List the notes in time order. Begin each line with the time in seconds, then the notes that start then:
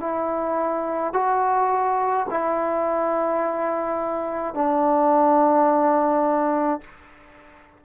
0.00 E4
1.13 F#4
2.30 E4
4.54 D4